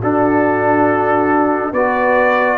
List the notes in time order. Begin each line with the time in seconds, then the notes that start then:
0.00 D4 F#4 A4
1.73 B3 F#4 B4 D5